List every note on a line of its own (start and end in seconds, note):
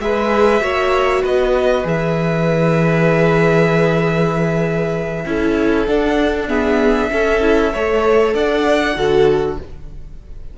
0.00 0.62 G#3
0.00 0.61 G#4
0.00 0.63 B4
0.00 1.25 E5
0.61 1.24 A#3
0.61 1.84 F#4
0.61 1.23 C#5
1.23 1.85 B3
1.23 5.25 B4
1.23 1.87 D#5
1.84 5.25 E3
1.84 5.24 G#4
1.84 5.87 E5
5.26 5.87 C#4
5.26 5.88 E4
5.26 6.49 A4
5.87 6.49 D4
5.87 7.12 D4
5.87 6.49 F#5
6.49 7.11 B3
6.49 7.11 G#4
6.49 8.34 E5
7.11 7.41 C#4
7.11 7.74 C#4
7.11 7.74 A4
7.41 7.72 E4
7.74 8.35 A3
7.74 8.95 A4
7.74 8.35 C#5
8.34 8.97 D4
8.34 8.97 D5
8.34 9.57 F#5
8.95 9.59 D3
8.95 9.57 F#4
8.95 9.59 A4